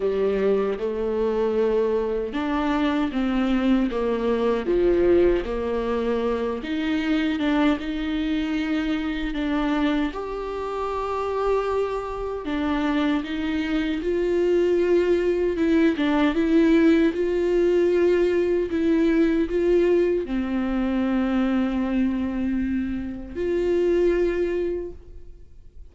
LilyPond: \new Staff \with { instrumentName = "viola" } { \time 4/4 \tempo 4 = 77 g4 a2 d'4 | c'4 ais4 f4 ais4~ | ais8 dis'4 d'8 dis'2 | d'4 g'2. |
d'4 dis'4 f'2 | e'8 d'8 e'4 f'2 | e'4 f'4 c'2~ | c'2 f'2 | }